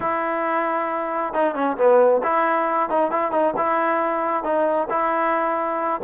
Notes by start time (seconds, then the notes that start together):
0.00 E4
1.33 D#4
1.54 C#4
1.77 B3
2.23 E4
2.89 D#4
3.11 E4
3.31 D#4
3.57 E4
4.43 D#4
4.89 E4